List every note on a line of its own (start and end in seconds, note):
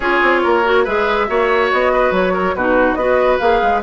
0.00 0.20 C#4
0.00 0.64 F4
0.00 0.41 G#4
0.00 0.85 C#5
0.22 0.43 C4
0.43 0.86 A#3
0.43 0.84 A#4
0.64 0.85 F#4
0.84 1.29 G#3
0.84 1.27 G#4
0.84 1.26 B4
0.84 1.70 E5
1.27 1.71 A#3
1.27 2.55 F#4
1.27 1.92 C#5
1.71 2.11 B3
1.71 2.13 D#5
1.92 2.33 B4
2.11 2.53 F#3
2.11 2.55 C#5
2.33 2.54 A#4
2.55 2.95 B2
2.55 2.98 D#4
2.55 2.98 F#4
2.55 2.94 B4
2.94 3.38 B3
2.94 3.40 F#4
2.94 3.82 B4
2.94 3.37 D#5
3.38 3.62 A#3
3.38 3.82 G#4
3.38 3.81 F5
3.62 3.82 G#3